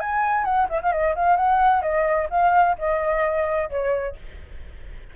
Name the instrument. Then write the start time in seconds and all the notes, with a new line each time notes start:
flute
0.00 G#5
0.44 F#5
0.69 E5
0.82 F5
0.92 D#5
1.15 F5
1.36 F#5
1.82 D#5
2.30 F5
2.78 D#5
3.69 C#5